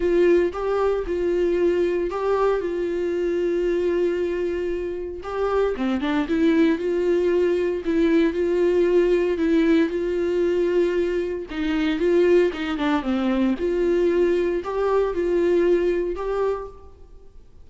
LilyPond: \new Staff \with { instrumentName = "viola" } { \time 4/4 \tempo 4 = 115 f'4 g'4 f'2 | g'4 f'2.~ | f'2 g'4 c'8 d'8 | e'4 f'2 e'4 |
f'2 e'4 f'4~ | f'2 dis'4 f'4 | dis'8 d'8 c'4 f'2 | g'4 f'2 g'4 | }